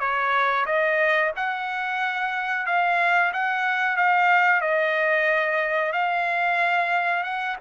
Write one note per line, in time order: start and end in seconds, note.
0.00 0.66 C#5
0.66 1.32 D#5
1.36 2.66 F#5
2.66 3.32 F5
3.33 3.97 F#5
3.97 4.61 F5
4.61 5.93 D#5
5.93 7.24 F5
7.24 7.57 F#5